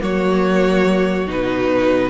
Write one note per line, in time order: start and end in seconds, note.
0.00 1.28 F#3
0.00 1.26 A#3
0.00 2.10 F#4
0.00 1.29 C#5
1.28 2.10 B2
1.28 2.10 D#4
1.28 2.10 B4